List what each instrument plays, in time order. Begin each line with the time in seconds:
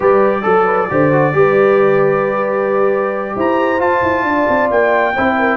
0.00 tuba G3, trombone G4, horn B4, trumpet D5
0.42 tuba F#3, trombone A4, horn A4
0.65 horn B4
0.90 tuba D3, trombone G4, horn C5
1.12 trombone F#4
1.33 tuba G3, trombone G4, horn B4
3.35 tuba E4, horn C5, trumpet A#5
3.79 trombone F4, tuba F4, trumpet A5
4.02 tuba E4
4.23 tuba D4, horn D5
4.48 tuba C4
4.70 tuba A#3, trumpet G5
5.14 tuba C4, trombone E4, horn C5
5.38 horn A#4